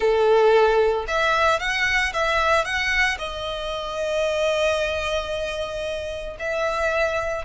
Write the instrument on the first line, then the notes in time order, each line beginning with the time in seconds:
violin
0.00 A4
1.07 E5
1.59 F#5
2.13 E5
2.64 F#5
3.18 D#5
6.39 E5